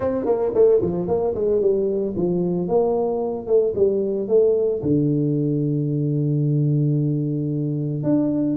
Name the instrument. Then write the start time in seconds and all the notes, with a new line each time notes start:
tuba
0.00 C4
0.25 A#3
0.54 A3
0.81 F3
1.07 A#3
1.34 G#3
1.61 G3
2.16 F3
2.68 A#3
3.46 A3
3.75 G3
4.28 A3
4.82 D3
8.03 D4